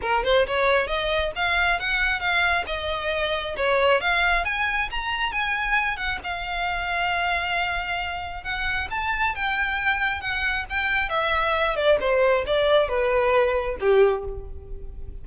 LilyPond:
\new Staff \with { instrumentName = "violin" } { \time 4/4 \tempo 4 = 135 ais'8 c''8 cis''4 dis''4 f''4 | fis''4 f''4 dis''2 | cis''4 f''4 gis''4 ais''4 | gis''4. fis''8 f''2~ |
f''2. fis''4 | a''4 g''2 fis''4 | g''4 e''4. d''8 c''4 | d''4 b'2 g'4 | }